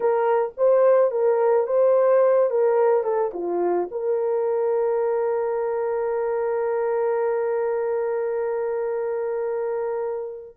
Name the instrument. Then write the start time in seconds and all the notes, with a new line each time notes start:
horn
0.00 A#4
0.57 C5
1.11 A#4
1.67 C5
2.50 A#4
3.03 A4
3.33 F4
3.91 A#4